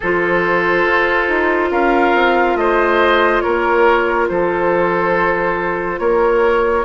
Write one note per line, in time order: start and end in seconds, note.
0.00 0.85 F3
0.00 6.84 F4
0.00 1.69 A4
0.00 1.72 C5
0.85 1.28 F4
1.28 1.71 D#4
1.71 2.14 C#4
1.71 2.57 A#4
1.71 2.56 F5
2.14 2.55 C4
2.55 3.41 A3
2.55 3.43 C5
2.55 3.40 D#5
3.40 4.29 A#3
3.40 4.28 A#4
3.40 4.26 C#5
4.28 5.99 F3
4.28 6.00 A4
4.28 5.99 C5
5.99 6.84 A#3
5.99 6.84 A#4
5.99 6.84 C#5